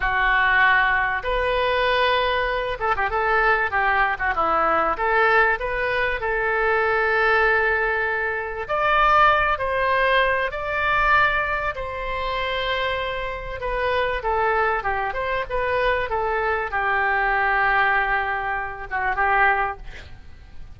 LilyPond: \new Staff \with { instrumentName = "oboe" } { \time 4/4 \tempo 4 = 97 fis'2 b'2~ | b'8 a'16 g'16 a'4 g'8. fis'16 e'4 | a'4 b'4 a'2~ | a'2 d''4. c''8~ |
c''4 d''2 c''4~ | c''2 b'4 a'4 | g'8 c''8 b'4 a'4 g'4~ | g'2~ g'8 fis'8 g'4 | }